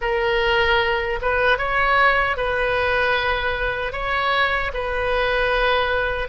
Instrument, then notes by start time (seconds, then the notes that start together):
oboe
0.01 A#4
1.21 B4
1.58 C#5
2.36 B4
3.92 C#5
4.73 B4